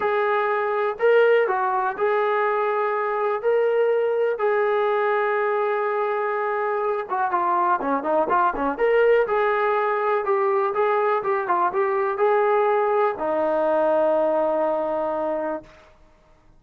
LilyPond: \new Staff \with { instrumentName = "trombone" } { \time 4/4 \tempo 4 = 123 gis'2 ais'4 fis'4 | gis'2. ais'4~ | ais'4 gis'2.~ | gis'2~ gis'8 fis'8 f'4 |
cis'8 dis'8 f'8 cis'8 ais'4 gis'4~ | gis'4 g'4 gis'4 g'8 f'8 | g'4 gis'2 dis'4~ | dis'1 | }